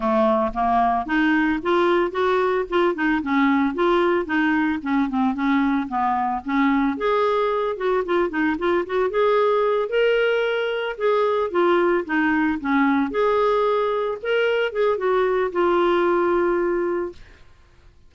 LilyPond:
\new Staff \with { instrumentName = "clarinet" } { \time 4/4 \tempo 4 = 112 a4 ais4 dis'4 f'4 | fis'4 f'8 dis'8 cis'4 f'4 | dis'4 cis'8 c'8 cis'4 b4 | cis'4 gis'4. fis'8 f'8 dis'8 |
f'8 fis'8 gis'4. ais'4.~ | ais'8 gis'4 f'4 dis'4 cis'8~ | cis'8 gis'2 ais'4 gis'8 | fis'4 f'2. | }